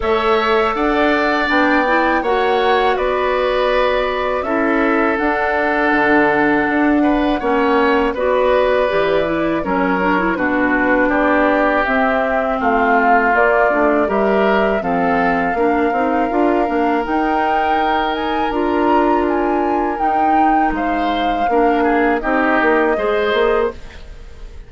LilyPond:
<<
  \new Staff \with { instrumentName = "flute" } { \time 4/4 \tempo 4 = 81 e''4 fis''4 g''4 fis''4 | d''2 e''4 fis''4~ | fis''2. d''4~ | d''4 cis''4 b'4 d''4 |
e''4 f''4 d''4 e''4 | f''2. g''4~ | g''8 gis''8 ais''4 gis''4 g''4 | f''2 dis''2 | }
  \new Staff \with { instrumentName = "oboe" } { \time 4/4 cis''4 d''2 cis''4 | b'2 a'2~ | a'4. b'8 cis''4 b'4~ | b'4 ais'4 fis'4 g'4~ |
g'4 f'2 ais'4 | a'4 ais'2.~ | ais'1 | c''4 ais'8 gis'8 g'4 c''4 | }
  \new Staff \with { instrumentName = "clarinet" } { \time 4/4 a'2 d'8 e'8 fis'4~ | fis'2 e'4 d'4~ | d'2 cis'4 fis'4 | g'8 e'8 cis'8 d'16 e'16 d'2 |
c'2 ais8 d'8 g'4 | c'4 d'8 dis'8 f'8 d'8 dis'4~ | dis'4 f'2 dis'4~ | dis'4 d'4 dis'4 gis'4 | }
  \new Staff \with { instrumentName = "bassoon" } { \time 4/4 a4 d'4 b4 ais4 | b2 cis'4 d'4 | d4 d'4 ais4 b4 | e4 fis4 b,4 b4 |
c'4 a4 ais8 a8 g4 | f4 ais8 c'8 d'8 ais8 dis'4~ | dis'4 d'2 dis'4 | gis4 ais4 c'8 ais8 gis8 ais8 | }
>>